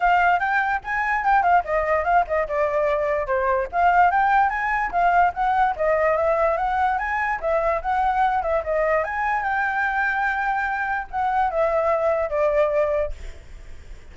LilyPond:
\new Staff \with { instrumentName = "flute" } { \time 4/4 \tempo 4 = 146 f''4 g''4 gis''4 g''8 f''8 | dis''4 f''8 dis''8 d''2 | c''4 f''4 g''4 gis''4 | f''4 fis''4 dis''4 e''4 |
fis''4 gis''4 e''4 fis''4~ | fis''8 e''8 dis''4 gis''4 g''4~ | g''2. fis''4 | e''2 d''2 | }